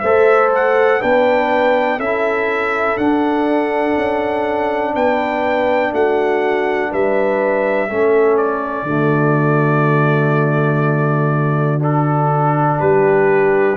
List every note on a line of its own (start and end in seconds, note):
0.00 1.01 A3
0.00 1.01 A4
0.00 1.00 C5
0.00 0.49 E5
0.55 1.02 F#5
1.00 1.99 B3
1.00 2.00 D4
1.00 1.98 B4
1.00 2.00 G5
1.98 2.97 C#4
1.98 2.98 E4
1.98 4.93 A4
1.98 2.98 E5
2.98 3.96 D4
2.98 7.90 D4
2.98 4.94 F#5
3.97 4.95 C#4
4.94 5.92 B3
4.94 5.92 B4
4.94 5.93 G5
5.92 6.91 A3
5.92 6.90 F#4
5.92 6.93 F#5
6.90 7.91 G3
6.90 7.89 B4
6.90 8.37 E5
7.90 8.83 A3
7.90 8.86 C#4
7.90 8.87 A4
8.37 11.82 D5
8.83 12.77 D3
8.83 11.80 A3
8.83 12.79 F#4
11.80 13.77 D4
11.80 12.80 A4
12.79 13.77 G3
12.79 13.77 G4
12.79 13.77 B4